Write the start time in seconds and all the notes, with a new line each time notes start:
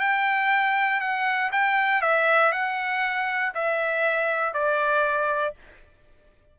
0.00 G5
1.01 F#5
1.52 G5
2.02 E5
2.52 F#5
3.55 E5
4.54 D5